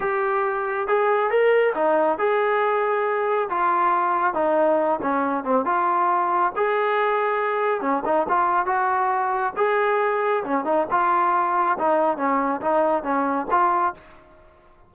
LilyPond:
\new Staff \with { instrumentName = "trombone" } { \time 4/4 \tempo 4 = 138 g'2 gis'4 ais'4 | dis'4 gis'2. | f'2 dis'4. cis'8~ | cis'8 c'8 f'2 gis'4~ |
gis'2 cis'8 dis'8 f'4 | fis'2 gis'2 | cis'8 dis'8 f'2 dis'4 | cis'4 dis'4 cis'4 f'4 | }